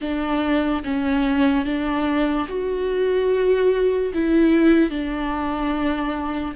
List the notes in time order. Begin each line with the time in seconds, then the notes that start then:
0.01 D4
0.84 C#4
1.65 D4
2.48 F#4
4.13 E4
4.89 D4